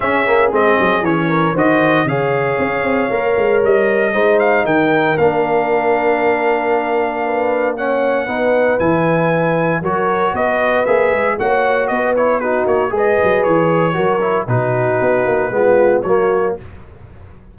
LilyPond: <<
  \new Staff \with { instrumentName = "trumpet" } { \time 4/4 \tempo 4 = 116 e''4 dis''4 cis''4 dis''4 | f''2. dis''4~ | dis''8 f''8 g''4 f''2~ | f''2. fis''4~ |
fis''4 gis''2 cis''4 | dis''4 e''4 fis''4 dis''8 cis''8 | b'8 cis''8 dis''4 cis''2 | b'2. cis''4 | }
  \new Staff \with { instrumentName = "horn" } { \time 4/4 gis'2~ gis'8 ais'8 c''4 | cis''1 | c''4 ais'2.~ | ais'2 b'4 cis''4 |
b'2. ais'4 | b'2 cis''4 b'4 | fis'4 b'2 ais'4 | fis'2 f'4 fis'4 | }
  \new Staff \with { instrumentName = "trombone" } { \time 4/4 cis'8 ais8 c'4 cis'4 fis'4 | gis'2 ais'2 | dis'2 d'2~ | d'2. cis'4 |
dis'4 e'2 fis'4~ | fis'4 gis'4 fis'4. e'8 | dis'4 gis'2 fis'8 e'8 | dis'2 b4 ais4 | }
  \new Staff \with { instrumentName = "tuba" } { \time 4/4 cis'4 gis8 fis8 e4 dis4 | cis4 cis'8 c'8 ais8 gis8 g4 | gis4 dis4 ais2~ | ais1 |
b4 e2 fis4 | b4 ais8 gis8 ais4 b4~ | b8 ais8 gis8 fis8 e4 fis4 | b,4 b8 ais8 gis4 fis4 | }
>>